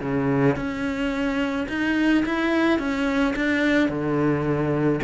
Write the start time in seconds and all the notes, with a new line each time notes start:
0.00 C#3
0.56 C#4
1.68 D#4
2.25 E4
2.79 C#4
3.36 D4
3.89 D3